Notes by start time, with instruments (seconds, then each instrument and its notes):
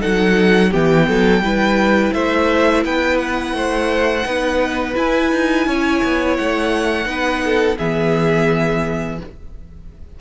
0.00 cello F#3, viola D#4, violin A4 F#5
0.71 cello E3, viola B3, violin G4 G5
1.07 cello F#3, violin A4
1.40 cello G3, viola E4, violin B4
2.13 cello A3, violin C5 E5
2.85 cello B3, violin B4 G5
3.18 violin F#5
3.54 cello A3, violin C5
4.24 cello B3, viola D#4, violin B4
4.94 viola E4, cello E4, violin G#5
5.32 cello D#4
5.66 cello C#4, violin C#5
6.04 cello B3
6.37 cello A3, violin F#5
7.06 cello B3, viola D#4, violin B4
7.45 violin A4
7.78 cello E3, viola B3, violin G#4 E5